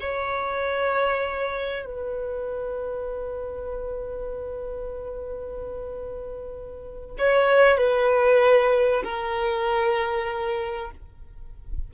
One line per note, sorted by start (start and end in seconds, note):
0.00 1.85 C#5
1.85 7.16 B4
7.18 7.78 C#5
7.78 9.03 B4
9.03 10.91 A#4